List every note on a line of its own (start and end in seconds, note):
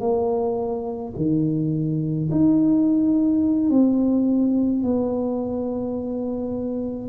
0.00 1.13 A#3
1.16 2.30 D#3
2.32 3.70 D#4
3.70 4.83 C4
4.83 7.09 B3